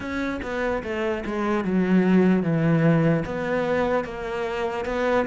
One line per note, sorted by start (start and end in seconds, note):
0.00 0.40 C#4
0.42 0.83 B3
0.83 1.23 A3
1.25 1.64 G#3
1.64 2.43 F#3
2.43 3.24 E3
3.25 4.04 B3
4.04 4.85 A#3
4.85 5.26 B3